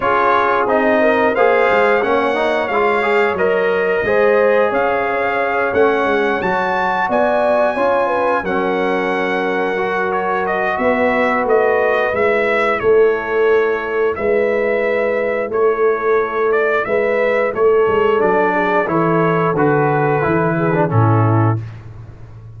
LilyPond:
<<
  \new Staff \with { instrumentName = "trumpet" } { \time 4/4 \tempo 4 = 89 cis''4 dis''4 f''4 fis''4 | f''4 dis''2 f''4~ | f''8 fis''4 a''4 gis''4.~ | gis''8 fis''2~ fis''8 cis''8 dis''8 |
e''4 dis''4 e''4 cis''4~ | cis''4 e''2 cis''4~ | cis''8 d''8 e''4 cis''4 d''4 | cis''4 b'2 a'4 | }
  \new Staff \with { instrumentName = "horn" } { \time 4/4 gis'4. ais'8 c''4 cis''4~ | cis''2 c''4 cis''4~ | cis''2~ cis''8 d''4 cis''8 | b'8 ais'2.~ ais'8 |
b'2. a'4~ | a'4 b'2 a'4~ | a'4 b'4 a'4. gis'8 | a'2~ a'8 gis'8 e'4 | }
  \new Staff \with { instrumentName = "trombone" } { \time 4/4 f'4 dis'4 gis'4 cis'8 dis'8 | f'8 gis'8 ais'4 gis'2~ | gis'8 cis'4 fis'2 f'8~ | f'8 cis'2 fis'4.~ |
fis'2 e'2~ | e'1~ | e'2. d'4 | e'4 fis'4 e'8. d'16 cis'4 | }
  \new Staff \with { instrumentName = "tuba" } { \time 4/4 cis'4 c'4 ais8 gis8 ais4 | gis4 fis4 gis4 cis'4~ | cis'8 a8 gis8 fis4 b4 cis'8~ | cis'8 fis2.~ fis8 |
b4 a4 gis4 a4~ | a4 gis2 a4~ | a4 gis4 a8 gis8 fis4 | e4 d4 e4 a,4 | }
>>